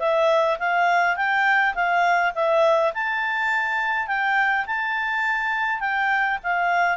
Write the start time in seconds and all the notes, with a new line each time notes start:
0.00 E5
0.60 F5
1.17 G5
1.75 F5
2.35 E5
2.94 A5
4.08 G5
4.67 A5
5.80 G5
6.43 F5